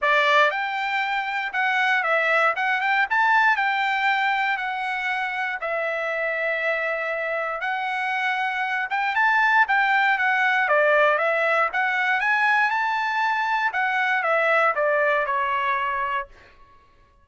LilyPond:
\new Staff \with { instrumentName = "trumpet" } { \time 4/4 \tempo 4 = 118 d''4 g''2 fis''4 | e''4 fis''8 g''8 a''4 g''4~ | g''4 fis''2 e''4~ | e''2. fis''4~ |
fis''4. g''8 a''4 g''4 | fis''4 d''4 e''4 fis''4 | gis''4 a''2 fis''4 | e''4 d''4 cis''2 | }